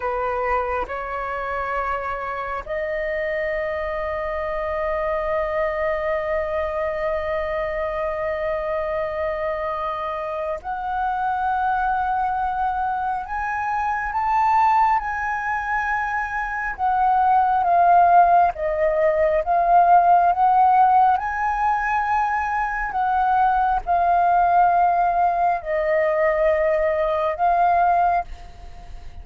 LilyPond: \new Staff \with { instrumentName = "flute" } { \time 4/4 \tempo 4 = 68 b'4 cis''2 dis''4~ | dis''1~ | dis''1 | fis''2. gis''4 |
a''4 gis''2 fis''4 | f''4 dis''4 f''4 fis''4 | gis''2 fis''4 f''4~ | f''4 dis''2 f''4 | }